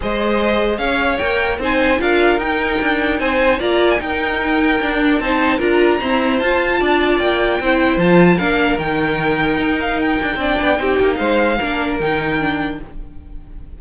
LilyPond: <<
  \new Staff \with { instrumentName = "violin" } { \time 4/4 \tempo 4 = 150 dis''2 f''4 g''4 | gis''4 f''4 g''2 | gis''4 ais''8. gis''16 g''2~ | g''4 a''4 ais''2 |
a''2 g''2 | a''4 f''4 g''2~ | g''8 f''8 g''2. | f''2 g''2 | }
  \new Staff \with { instrumentName = "violin" } { \time 4/4 c''2 cis''2 | c''4 ais'2. | c''4 d''4 ais'2~ | ais'4 c''4 ais'4 c''4~ |
c''4 d''2 c''4~ | c''4 ais'2.~ | ais'2 d''4 g'4 | c''4 ais'2. | }
  \new Staff \with { instrumentName = "viola" } { \time 4/4 gis'2. ais'4 | dis'4 f'4 dis'2~ | dis'4 f'4 dis'2 | d'4 dis'4 f'4 c'4 |
f'2. e'4 | f'4 d'4 dis'2~ | dis'2 d'4 dis'4~ | dis'4 d'4 dis'4 d'4 | }
  \new Staff \with { instrumentName = "cello" } { \time 4/4 gis2 cis'4 ais4 | c'4 d'4 dis'4 d'4 | c'4 ais4 dis'2 | d'4 c'4 d'4 e'4 |
f'4 d'4 ais4 c'4 | f4 ais4 dis2 | dis'4. d'8 c'8 b8 c'8 ais8 | gis4 ais4 dis2 | }
>>